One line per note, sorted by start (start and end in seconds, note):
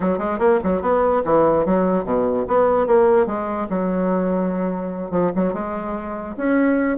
0.00 0.18 F#3
0.18 0.38 G#3
0.38 0.59 A#3
0.63 0.81 F#3
0.81 1.22 B3
1.24 1.65 E3
1.65 2.04 F#3
2.04 2.45 B2
2.47 2.86 B3
2.86 3.26 A#3
3.26 3.67 G#3
3.69 5.11 F#3
5.11 5.31 F3
5.35 5.53 F#3
5.53 6.35 G#3
6.37 6.97 C#4